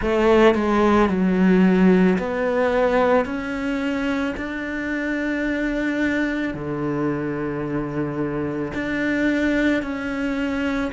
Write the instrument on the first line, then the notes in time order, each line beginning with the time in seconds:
cello
0.01 A3
0.55 G#3
1.09 F#3
2.18 B3
3.25 C#4
4.36 D4
6.54 D3
8.73 D4
9.82 C#4